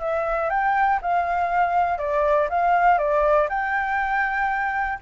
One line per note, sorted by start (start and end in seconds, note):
0.00 0.50 E5
0.50 1.00 G5
1.02 1.99 F5
1.99 2.49 D5
2.50 2.99 F5
2.99 3.49 D5
3.50 5.00 G5